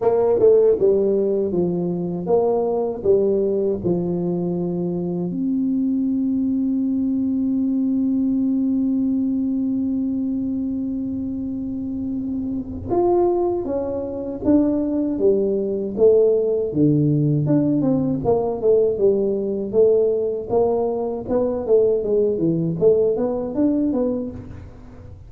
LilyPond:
\new Staff \with { instrumentName = "tuba" } { \time 4/4 \tempo 4 = 79 ais8 a8 g4 f4 ais4 | g4 f2 c'4~ | c'1~ | c'1~ |
c'4 f'4 cis'4 d'4 | g4 a4 d4 d'8 c'8 | ais8 a8 g4 a4 ais4 | b8 a8 gis8 e8 a8 b8 d'8 b8 | }